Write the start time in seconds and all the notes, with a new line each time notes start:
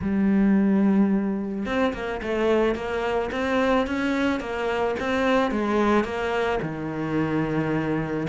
0.01 G3
1.65 C4
1.93 A#3
2.22 A3
2.75 A#3
3.31 C4
3.86 C#4
4.40 A#3
4.99 C4
5.51 G#3
6.04 A#3
6.62 D#3